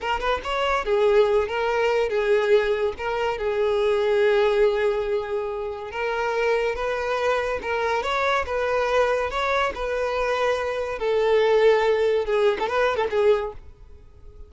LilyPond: \new Staff \with { instrumentName = "violin" } { \time 4/4 \tempo 4 = 142 ais'8 b'8 cis''4 gis'4. ais'8~ | ais'4 gis'2 ais'4 | gis'1~ | gis'2 ais'2 |
b'2 ais'4 cis''4 | b'2 cis''4 b'4~ | b'2 a'2~ | a'4 gis'8. a'16 b'8. a'16 gis'4 | }